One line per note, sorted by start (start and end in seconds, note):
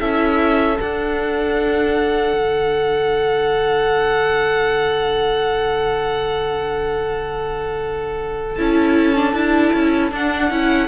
0.00 0.79 C#4
0.00 0.76 E4
0.00 10.88 A4
0.00 0.78 E5
0.76 8.55 D4
0.76 2.34 D4
0.76 8.56 F#5
2.34 8.57 D3
8.56 9.34 C#4
8.56 9.17 E4
8.56 10.11 A5
9.17 9.34 D4
9.34 9.73 D4
9.34 10.12 E4
9.74 10.12 C#4
10.12 10.51 D4
10.12 10.88 F#5
10.51 10.88 C#4
10.51 10.88 E4